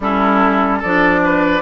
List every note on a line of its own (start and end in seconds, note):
0.00 0.82 G3
0.00 0.83 C#4
0.00 0.78 E4
0.00 0.82 A4
0.78 1.61 F3
0.78 1.19 A4
0.78 1.61 D5
0.85 1.61 D4
1.24 1.61 B4